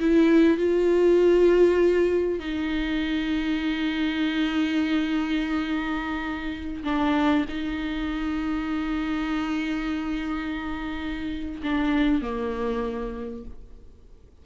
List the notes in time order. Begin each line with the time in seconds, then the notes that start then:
0.00 E4
0.58 F4
2.40 D#4
6.84 D4
7.49 D#4
11.63 D4
12.22 A#3